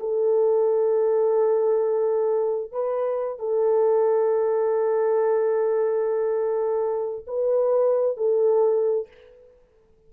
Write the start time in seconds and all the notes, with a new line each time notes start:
0.00 A4
2.72 B4
3.39 A4
7.27 B4
8.17 A4